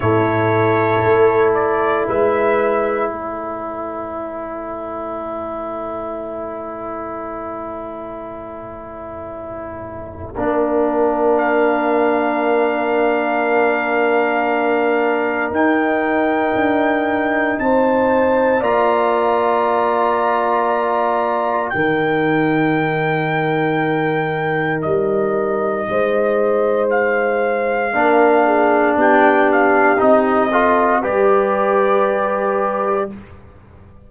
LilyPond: <<
  \new Staff \with { instrumentName = "trumpet" } { \time 4/4 \tempo 4 = 58 cis''4. d''8 e''4 cis''4~ | cis''1~ | cis''2. f''4~ | f''2. g''4~ |
g''4 a''4 ais''2~ | ais''4 g''2. | dis''2 f''2 | g''8 f''8 dis''4 d''2 | }
  \new Staff \with { instrumentName = "horn" } { \time 4/4 a'2 b'4 a'4~ | a'1~ | a'2 ais'2~ | ais'1~ |
ais'4 c''4 d''2~ | d''4 ais'2.~ | ais'4 c''2 ais'8 gis'8 | g'4. a'8 b'2 | }
  \new Staff \with { instrumentName = "trombone" } { \time 4/4 e'1~ | e'1~ | e'2 d'2~ | d'2. dis'4~ |
dis'2 f'2~ | f'4 dis'2.~ | dis'2. d'4~ | d'4 dis'8 f'8 g'2 | }
  \new Staff \with { instrumentName = "tuba" } { \time 4/4 a,4 a4 gis4 a4~ | a1~ | a2 ais2~ | ais2. dis'4 |
d'4 c'4 ais2~ | ais4 dis2. | g4 gis2 ais4 | b4 c'4 g2 | }
>>